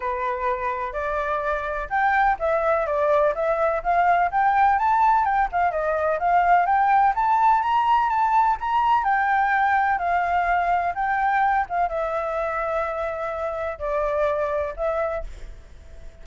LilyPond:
\new Staff \with { instrumentName = "flute" } { \time 4/4 \tempo 4 = 126 b'2 d''2 | g''4 e''4 d''4 e''4 | f''4 g''4 a''4 g''8 f''8 | dis''4 f''4 g''4 a''4 |
ais''4 a''4 ais''4 g''4~ | g''4 f''2 g''4~ | g''8 f''8 e''2.~ | e''4 d''2 e''4 | }